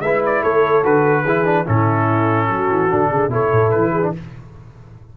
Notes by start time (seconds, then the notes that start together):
0.00 G#3 B4 E5
0.07 E4
0.26 D5
0.43 A3 A4 C#5
0.84 D3 F#4 B4
1.24 E3 E4 G#4
1.45 D4
1.66 A2 C#4 E4 A4
2.49 F#3 F#4
2.71 E3
2.90 D3 D4
3.10 C#3 G#4
3.29 B2 E4 A4 C#5
3.52 A2
3.72 E3 B4
3.93 G#4
4.03 D4